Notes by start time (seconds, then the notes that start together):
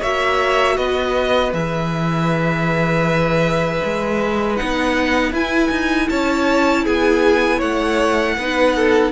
0.00 A#3 F#4 C#5 E5
0.77 B3 B4 D#5
1.53 E3 G#4 E5
3.84 G#3
4.56 B3 D#4 F#5
5.32 E4 G#5
5.71 D#4
6.09 C#4 C#5 A5
6.84 B3 G#4 G#5
7.58 A3 C#5 F#5
8.37 B3 D#4 B4
8.76 A4